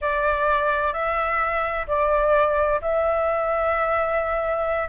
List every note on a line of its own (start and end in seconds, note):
0.01 0.93 D5
0.93 1.86 E5
1.87 2.80 D5
2.81 4.88 E5